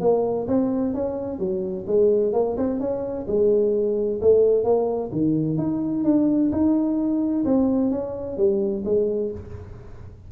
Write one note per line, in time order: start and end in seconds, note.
0.00 0.47 A#3
0.47 0.94 C4
0.94 1.38 C#4
1.38 1.85 F#3
1.86 2.33 G#3
2.33 2.56 A#3
2.57 2.80 C4
2.80 3.26 C#4
3.27 4.20 G#3
4.21 4.64 A3
4.64 5.10 A#3
5.12 5.57 D#3
5.57 6.04 D#4
6.04 6.50 D4
6.51 7.44 D#4
7.44 7.90 C4
7.90 8.37 C#4
8.37 8.84 G3
8.84 9.31 G#3